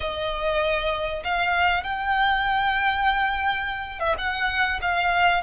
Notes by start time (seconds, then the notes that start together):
0.00 D#5
1.23 F5
1.83 G5
3.99 E5
4.18 F#5
4.81 F5